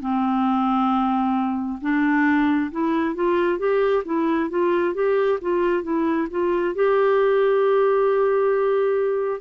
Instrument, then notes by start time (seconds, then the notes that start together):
clarinet
0.00 C4
1.81 D4
2.71 E4
3.15 F4
3.59 G4
4.05 E4
4.50 F4
4.94 G4
5.41 F4
5.83 E4
6.31 F4
6.75 G4